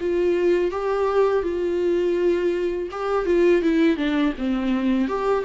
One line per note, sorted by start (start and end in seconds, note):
0.00 0.71 F4
0.71 1.42 G4
1.42 2.89 F4
2.91 3.25 G4
3.25 3.62 F4
3.62 3.96 E4
3.96 4.33 D4
4.37 5.08 C4
5.08 5.44 G4